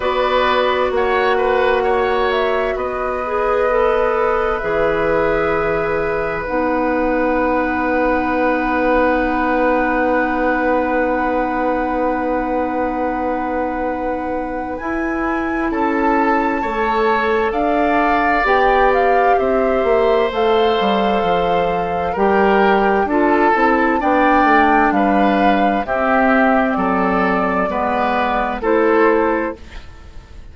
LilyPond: <<
  \new Staff \with { instrumentName = "flute" } { \time 4/4 \tempo 4 = 65 d''4 fis''4. e''8 dis''4~ | dis''4 e''2 fis''4~ | fis''1~ | fis''1 |
gis''4 a''2 f''4 | g''8 f''8 e''4 f''2 | g''4 a''4 g''4 f''4 | e''4 d''2 c''4 | }
  \new Staff \with { instrumentName = "oboe" } { \time 4/4 b'4 cis''8 b'8 cis''4 b'4~ | b'1~ | b'1~ | b'1~ |
b'4 a'4 cis''4 d''4~ | d''4 c''2. | ais'4 a'4 d''4 b'4 | g'4 a'4 b'4 a'4 | }
  \new Staff \with { instrumentName = "clarinet" } { \time 4/4 fis'2.~ fis'8 gis'8 | a'4 gis'2 dis'4~ | dis'1~ | dis'1 |
e'2 a'2 | g'2 a'2 | g'4 f'8 e'8 d'2 | c'2 b4 e'4 | }
  \new Staff \with { instrumentName = "bassoon" } { \time 4/4 b4 ais2 b4~ | b4 e2 b4~ | b1~ | b1 |
e'4 cis'4 a4 d'4 | b4 c'8 ais8 a8 g8 f4 | g4 d'8 c'8 b8 a8 g4 | c'4 fis4 gis4 a4 | }
>>